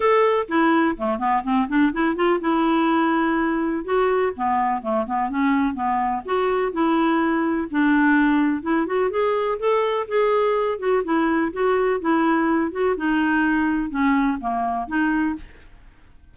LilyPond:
\new Staff \with { instrumentName = "clarinet" } { \time 4/4 \tempo 4 = 125 a'4 e'4 a8 b8 c'8 d'8 | e'8 f'8 e'2. | fis'4 b4 a8 b8 cis'4 | b4 fis'4 e'2 |
d'2 e'8 fis'8 gis'4 | a'4 gis'4. fis'8 e'4 | fis'4 e'4. fis'8 dis'4~ | dis'4 cis'4 ais4 dis'4 | }